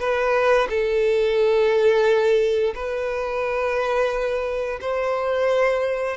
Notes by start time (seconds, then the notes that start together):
0.00 B4
0.70 A4
2.75 B4
4.82 C5